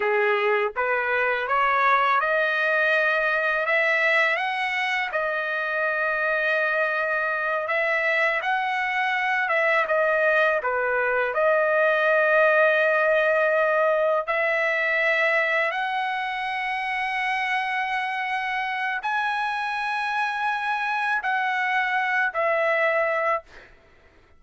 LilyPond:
\new Staff \with { instrumentName = "trumpet" } { \time 4/4 \tempo 4 = 82 gis'4 b'4 cis''4 dis''4~ | dis''4 e''4 fis''4 dis''4~ | dis''2~ dis''8 e''4 fis''8~ | fis''4 e''8 dis''4 b'4 dis''8~ |
dis''2.~ dis''8 e''8~ | e''4. fis''2~ fis''8~ | fis''2 gis''2~ | gis''4 fis''4. e''4. | }